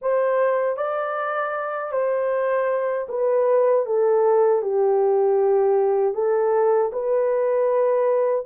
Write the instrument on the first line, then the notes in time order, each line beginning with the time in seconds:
horn
0.01 C5
0.77 D5
1.92 C5
3.08 B4
3.86 A4
4.62 G4
6.14 A4
6.92 B4